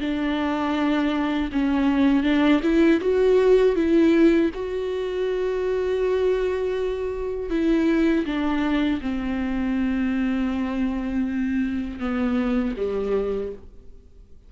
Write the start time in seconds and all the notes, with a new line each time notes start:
0.00 D4
1.52 C#4
2.23 D4
2.63 E4
3.01 F#4
3.76 E4
4.54 F#4
7.50 E4
8.25 D4
9.01 C4
11.99 B3
12.77 G3